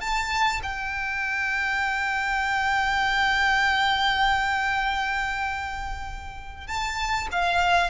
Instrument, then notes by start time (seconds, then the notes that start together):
violin
0.00 A5
0.63 G5
6.67 A5
7.31 F5